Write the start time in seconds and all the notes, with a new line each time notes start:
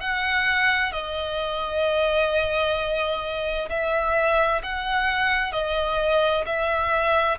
0.00 F#5
0.92 D#5
3.69 E5
4.62 F#5
5.52 D#5
6.45 E5